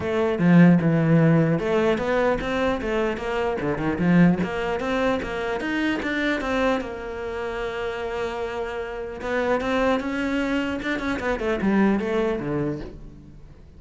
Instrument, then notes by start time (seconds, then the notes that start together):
cello
0.00 A3
0.38 F3
0.81 E3
1.59 A3
1.97 B3
2.41 C4
2.81 A3
3.17 A#3
3.60 D3
3.78 D#3
3.98 F3
4.43 A#3
4.80 C4
5.22 A#3
5.60 D#4
6.02 D4
6.40 C4
6.80 A#3
9.21 B3
9.61 C4
9.99 C#4
10.82 D4
10.99 C#4
11.19 B3
11.39 A3
11.61 G3
11.99 A3
12.40 D3